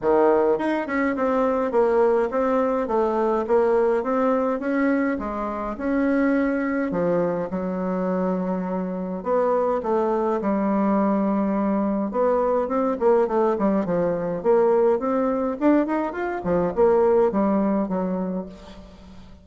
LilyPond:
\new Staff \with { instrumentName = "bassoon" } { \time 4/4 \tempo 4 = 104 dis4 dis'8 cis'8 c'4 ais4 | c'4 a4 ais4 c'4 | cis'4 gis4 cis'2 | f4 fis2. |
b4 a4 g2~ | g4 b4 c'8 ais8 a8 g8 | f4 ais4 c'4 d'8 dis'8 | f'8 f8 ais4 g4 fis4 | }